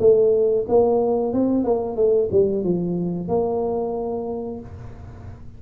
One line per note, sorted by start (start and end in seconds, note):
0.00 0.66 A3
0.69 1.34 A#3
1.34 1.65 C4
1.65 1.97 A#3
1.97 2.30 A3
2.32 2.64 G3
2.64 3.29 F3
3.29 4.61 A#3